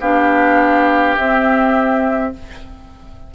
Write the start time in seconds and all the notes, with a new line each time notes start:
0.00 B3 D4 G4 F5
1.16 C4 E5